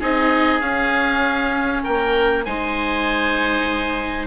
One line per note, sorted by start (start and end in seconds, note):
0.00 0.62 C4
0.00 0.60 D#4
0.00 1.83 G#4
0.00 0.61 D#5
0.60 2.44 C#4
0.60 1.84 C#4
0.60 1.83 F5
1.83 2.46 A#3
1.83 2.44 A#4
1.83 2.45 G5
2.45 4.27 G#3
2.45 4.27 D#4
2.45 4.27 C5
2.45 4.27 G#5